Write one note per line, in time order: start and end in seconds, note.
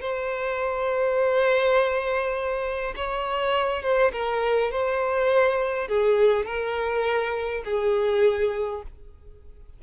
0.00 2.94 C5
2.96 3.82 C#5
3.82 4.11 C5
4.12 4.71 A#4
4.71 5.88 C5
5.88 6.45 G#4
6.45 7.63 A#4
7.64 8.82 G#4